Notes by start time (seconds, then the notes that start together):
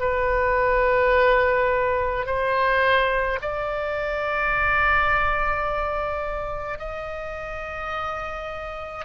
0.00 B4
2.26 C5
3.42 D5
6.79 D#5